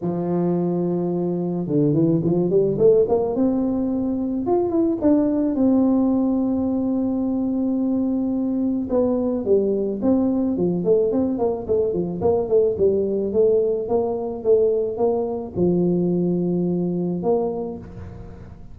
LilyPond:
\new Staff \with { instrumentName = "tuba" } { \time 4/4 \tempo 4 = 108 f2. d8 e8 | f8 g8 a8 ais8 c'2 | f'8 e'8 d'4 c'2~ | c'1 |
b4 g4 c'4 f8 a8 | c'8 ais8 a8 f8 ais8 a8 g4 | a4 ais4 a4 ais4 | f2. ais4 | }